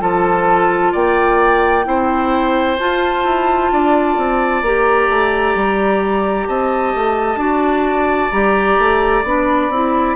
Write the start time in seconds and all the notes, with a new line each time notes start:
0.00 F3 F4 A4 A5
0.92 A#3 D5 G5
1.84 C4 E4 C5
2.78 F4 A5
3.24 E4
3.72 D4 D5
4.17 C4
4.62 A#3 G4 A#5
5.09 A3
5.55 G3
6.47 C4 D#5 A5
6.95 A3
7.36 D4 F#4 D5
8.31 G3 G4 A#5
8.78 A3
9.23 B3 D4 B5
9.69 C4 E4